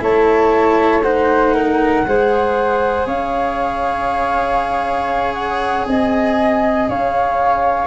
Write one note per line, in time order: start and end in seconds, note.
0.00 2.04 A3
0.00 1.02 E4
0.00 1.04 C#5
0.00 1.03 A5
1.03 2.06 D#4
1.03 1.55 C5
1.03 3.06 F#5
1.55 2.06 A#4
2.07 3.07 G#3
2.07 7.88 G#4
2.07 3.07 C5
3.07 5.87 C#4
3.07 5.87 C#5
3.07 5.35 F5
5.35 5.85 F#5
5.86 6.89 C4
5.86 6.90 D#5
5.86 6.88 G#5
6.89 7.88 C#4
6.89 7.88 C#5
6.89 7.88 F5